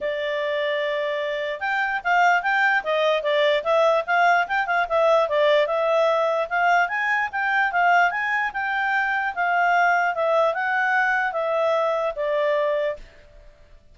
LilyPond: \new Staff \with { instrumentName = "clarinet" } { \time 4/4 \tempo 4 = 148 d''1 | g''4 f''4 g''4 dis''4 | d''4 e''4 f''4 g''8 f''8 | e''4 d''4 e''2 |
f''4 gis''4 g''4 f''4 | gis''4 g''2 f''4~ | f''4 e''4 fis''2 | e''2 d''2 | }